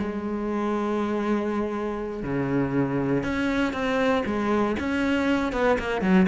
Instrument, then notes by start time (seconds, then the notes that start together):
cello
0.00 G#3
2.23 C#3
3.24 C#4
3.74 C4
4.26 G#3
4.80 C#4
5.53 B3
5.80 A#3
6.02 F#3